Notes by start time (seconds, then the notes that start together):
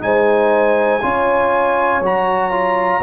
0.00 G#3 D#4 C5 G#5
1.02 C#4 F4 C#5
2.01 F#3 F#4 A#5
2.51 F4